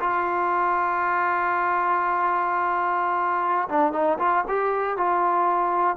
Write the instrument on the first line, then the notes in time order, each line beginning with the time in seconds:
trombone
0.00 F4
3.69 D4
3.93 D#4
4.19 F4
4.48 G4
4.97 F4